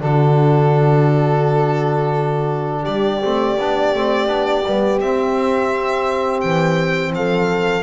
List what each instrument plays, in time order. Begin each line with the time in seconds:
0.00 double bass D3, trombone D4, horn F#4, violin A4
2.82 double bass G3, horn G4, violin D5
3.22 double bass A3, trombone C4
3.58 double bass B3, trombone D4
3.94 double bass A3, trombone C4
4.26 double bass B3, trombone D4
4.65 double bass G3, trombone B3
5.00 double bass C4, trombone C4, violin E5
6.40 double bass E3, violin G5
7.12 double bass F3, horn A4, violin F5